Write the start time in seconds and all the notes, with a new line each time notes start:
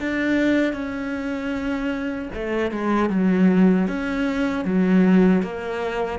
0.00 D4
0.73 C#4
2.34 A3
2.71 G#3
3.10 F#3
3.88 C#4
4.65 F#3
5.42 A#3